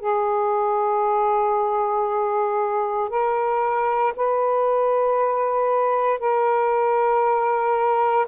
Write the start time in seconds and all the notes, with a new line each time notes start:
0.00 G#4
3.09 A#4
4.16 B4
6.19 A#4